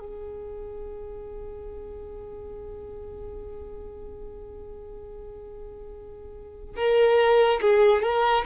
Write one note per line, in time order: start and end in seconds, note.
0.00 6.76 G#4
6.76 7.61 A#4
7.62 8.03 G#4
8.03 8.45 A#4